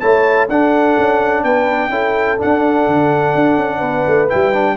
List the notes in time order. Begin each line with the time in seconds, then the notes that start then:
0.00 A3 E4 C#5 A5
0.49 D4 A4 F#5
0.99 C#4
1.44 B3 B4 G5
1.90 C#4 E4 A4
2.38 D4 F#5
2.44 D4
2.87 D3
3.35 D4
3.58 C#4
3.78 B3 B4
4.08 A3
4.29 G3 E4 G5
4.53 D4